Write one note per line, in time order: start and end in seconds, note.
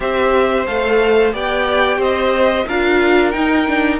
0.00 0.67 C4
0.00 0.65 G4
0.00 1.34 C5
0.00 0.66 E5
0.66 1.33 A3
0.66 1.32 A4
0.66 1.33 F5
1.32 1.97 B3
1.32 2.66 G4
1.32 1.97 D5
1.32 2.02 G5
1.97 2.64 C4
1.97 2.64 C5
1.97 2.67 D#5
2.67 3.34 D4
2.67 3.32 F4
2.67 3.99 A#4
2.67 3.30 F5
3.30 3.66 D#4
3.30 3.99 D#4
3.30 3.97 G5
3.66 3.99 D4